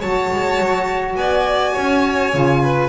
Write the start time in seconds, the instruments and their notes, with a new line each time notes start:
0.00 double bass F#3, saxophone F#4, violin C#5 A5
0.32 double bass G#3
0.58 double bass F#3
1.16 double bass B3, violin D5 G#5
1.73 double bass C#4, violin C#5
2.32 double bass C#3, saxophone F4
2.62 violin B4